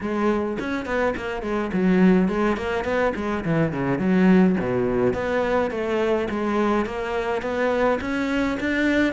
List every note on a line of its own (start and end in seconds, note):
0.01 0.58 G#3
0.59 0.85 C#4
0.85 1.14 B3
1.16 1.42 A#3
1.42 1.71 G#3
1.73 2.28 F#3
2.28 2.56 G#3
2.57 2.84 A#3
2.84 3.13 B3
3.15 3.44 G#3
3.44 3.72 E3
3.72 3.98 C#3
3.98 4.56 F#3
4.60 5.13 B2
5.13 5.70 B3
5.71 6.28 A3
6.30 6.85 G#3
6.85 7.42 A#3
7.42 7.99 B3
8.01 8.58 C#4
8.60 9.13 D4